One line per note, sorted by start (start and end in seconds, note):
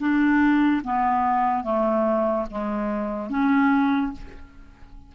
0.00 0.82 D4
0.84 1.64 B3
1.64 2.47 A3
2.51 3.30 G#3
3.30 4.12 C#4